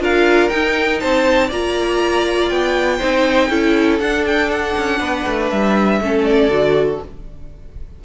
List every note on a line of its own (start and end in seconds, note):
0.00 0.50 D4
0.00 0.50 F4
0.00 1.01 A#4
0.00 0.49 F5
0.49 1.50 D#4
0.49 1.03 D#4
0.49 0.99 G5
1.00 1.51 C4
1.00 1.47 C5
1.00 1.50 A5
1.47 2.51 A#3
1.47 3.00 F4
1.47 2.97 D5
1.47 2.49 A#5
2.49 3.01 B3
2.49 3.99 G5
2.98 3.50 C4
2.98 3.50 D#4
2.98 3.48 C5
3.49 4.00 C#4
3.49 4.00 E4
3.49 4.99 A4
4.00 4.75 D4
4.00 6.02 D4
4.00 4.25 F#5
4.26 4.51 G5
4.51 5.50 F#5
4.78 5.00 C#4
5.00 5.25 B3
5.00 6.00 B4
5.27 5.52 A3
5.50 6.01 G3
5.50 6.24 E5
6.01 6.49 A3
6.01 6.51 C#4
6.01 7.05 A4
6.24 6.99 D5
6.49 6.99 D3
6.49 7.01 F#4